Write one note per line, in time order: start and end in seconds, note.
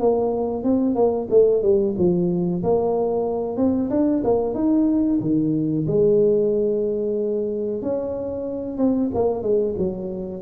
0.00 0.64 A#3
0.64 0.95 C4
0.95 1.28 A#3
1.30 1.63 A3
1.63 1.95 G3
1.98 2.63 F3
2.64 3.57 A#3
3.57 3.90 C4
3.90 4.23 D4
4.24 4.55 A#3
4.55 5.20 D#4
5.21 5.86 D#3
5.88 7.82 G#3
7.82 8.78 C#4
8.78 9.11 C4
9.15 9.43 A#3
9.43 9.75 G#3
9.78 10.42 F#3